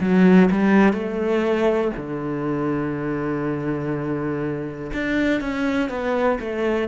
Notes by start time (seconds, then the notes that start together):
0.00 F#3
0.51 G3
0.93 A3
1.96 D3
4.93 D4
5.41 C#4
5.89 B3
6.39 A3